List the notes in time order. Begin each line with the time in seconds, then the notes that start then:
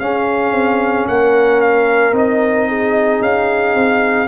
0.00 C#4 G#4 F5
0.52 C4
1.08 A#3 A#4 F#5
1.61 F5
2.12 C4 D#4 D#5
2.69 G#4
3.21 C#4 F5
3.75 C4